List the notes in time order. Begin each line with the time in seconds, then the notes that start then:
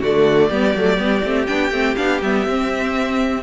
0.00 D3 A3 F#4 D5
0.49 G3 B3 G4
0.75 F#3 A3
0.98 G3 B3
1.24 A3 C4
1.47 B3 D4 G5
1.72 A3 C4
1.97 B3 D4 F5
2.22 G3 B3 E5
2.46 C4